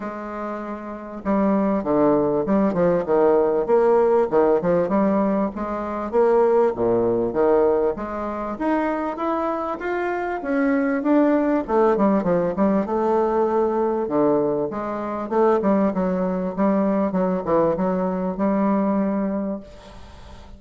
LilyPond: \new Staff \with { instrumentName = "bassoon" } { \time 4/4 \tempo 4 = 98 gis2 g4 d4 | g8 f8 dis4 ais4 dis8 f8 | g4 gis4 ais4 ais,4 | dis4 gis4 dis'4 e'4 |
f'4 cis'4 d'4 a8 g8 | f8 g8 a2 d4 | gis4 a8 g8 fis4 g4 | fis8 e8 fis4 g2 | }